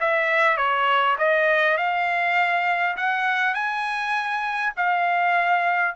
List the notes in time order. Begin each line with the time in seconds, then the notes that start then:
0.00 E5
0.57 C#5
1.18 D#5
1.77 F5
2.97 F#5
3.54 G#5
4.77 F5